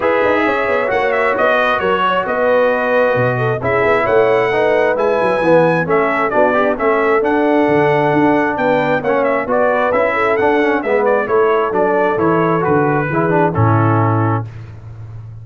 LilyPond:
<<
  \new Staff \with { instrumentName = "trumpet" } { \time 4/4 \tempo 4 = 133 e''2 fis''8 e''8 dis''4 | cis''4 dis''2. | e''4 fis''2 gis''4~ | gis''4 e''4 d''4 e''4 |
fis''2. g''4 | fis''8 e''8 d''4 e''4 fis''4 | e''8 d''8 cis''4 d''4 cis''4 | b'2 a'2 | }
  \new Staff \with { instrumentName = "horn" } { \time 4/4 b'4 cis''2~ cis''8 b'8 | ais'8 cis''8 b'2~ b'8 a'8 | gis'4 cis''4 b'2~ | b'4 a'4 fis'8 d'8 a'4~ |
a'2. b'4 | cis''4 b'4. a'4. | b'4 a'2.~ | a'4 gis'4 e'2 | }
  \new Staff \with { instrumentName = "trombone" } { \time 4/4 gis'2 fis'2~ | fis'1 | e'2 dis'4 e'4 | b4 cis'4 d'8 g'8 cis'4 |
d'1 | cis'4 fis'4 e'4 d'8 cis'8 | b4 e'4 d'4 e'4 | fis'4 e'8 d'8 cis'2 | }
  \new Staff \with { instrumentName = "tuba" } { \time 4/4 e'8 dis'8 cis'8 b8 ais4 b4 | fis4 b2 b,4 | cis'8 b8 a2 gis8 fis8 | e4 a4 b4 a4 |
d'4 d4 d'4 b4 | ais4 b4 cis'4 d'4 | gis4 a4 fis4 e4 | d4 e4 a,2 | }
>>